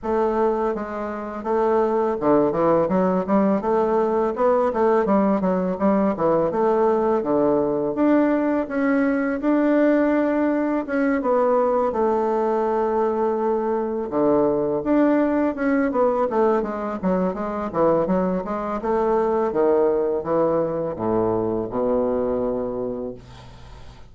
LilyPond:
\new Staff \with { instrumentName = "bassoon" } { \time 4/4 \tempo 4 = 83 a4 gis4 a4 d8 e8 | fis8 g8 a4 b8 a8 g8 fis8 | g8 e8 a4 d4 d'4 | cis'4 d'2 cis'8 b8~ |
b8 a2. d8~ | d8 d'4 cis'8 b8 a8 gis8 fis8 | gis8 e8 fis8 gis8 a4 dis4 | e4 a,4 b,2 | }